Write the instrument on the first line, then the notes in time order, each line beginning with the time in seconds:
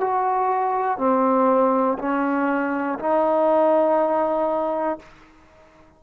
trombone
0.00 F#4
0.97 C4
1.98 C#4
2.99 D#4